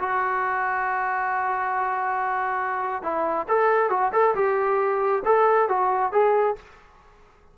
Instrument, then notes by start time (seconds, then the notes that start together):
trombone
0.00 F#4
3.03 E4
3.49 A4
3.90 F#4
4.13 A4
4.35 G4
5.25 A4
5.69 F#4
6.13 G#4